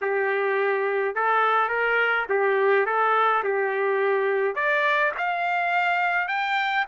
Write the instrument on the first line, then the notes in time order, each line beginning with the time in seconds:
trumpet
0.01 G4
1.15 A4
1.69 A#4
2.29 G4
2.86 A4
3.43 G4
4.55 D5
5.17 F5
6.28 G5